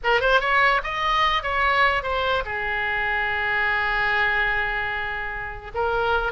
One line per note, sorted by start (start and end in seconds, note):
0.03 0.21 A#4
0.21 0.40 C5
0.40 0.81 C#5
0.83 1.42 D#5
1.42 2.02 C#5
2.02 2.43 C5
2.45 5.71 G#4
5.74 6.32 A#4